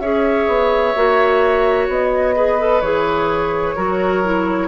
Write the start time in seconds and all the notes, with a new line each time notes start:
0.00 C#4 G#4 C#5 E5
0.48 B3
0.96 A#3 F#4
1.88 B3 D#5
2.36 G#4 B4
2.60 A4
2.81 E3 G#4 C#5
3.76 F#3 F#4 A#4
4.24 E4